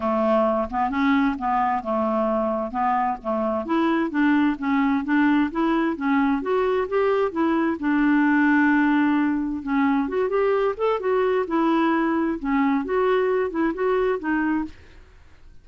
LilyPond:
\new Staff \with { instrumentName = "clarinet" } { \time 4/4 \tempo 4 = 131 a4. b8 cis'4 b4 | a2 b4 a4 | e'4 d'4 cis'4 d'4 | e'4 cis'4 fis'4 g'4 |
e'4 d'2.~ | d'4 cis'4 fis'8 g'4 a'8 | fis'4 e'2 cis'4 | fis'4. e'8 fis'4 dis'4 | }